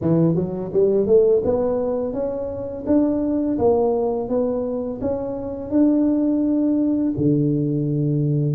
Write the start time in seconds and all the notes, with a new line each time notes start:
0.01 E3
0.35 F#3
0.73 G3
1.06 A3
1.44 B3
2.13 C#4
2.86 D4
3.58 A#3
4.28 B3
5.01 C#4
5.70 D4
7.17 D3